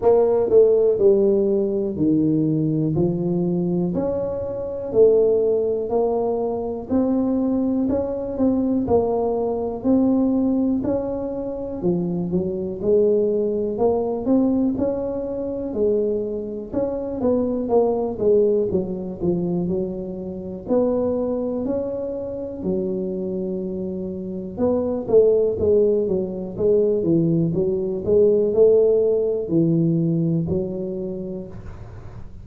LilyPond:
\new Staff \with { instrumentName = "tuba" } { \time 4/4 \tempo 4 = 61 ais8 a8 g4 dis4 f4 | cis'4 a4 ais4 c'4 | cis'8 c'8 ais4 c'4 cis'4 | f8 fis8 gis4 ais8 c'8 cis'4 |
gis4 cis'8 b8 ais8 gis8 fis8 f8 | fis4 b4 cis'4 fis4~ | fis4 b8 a8 gis8 fis8 gis8 e8 | fis8 gis8 a4 e4 fis4 | }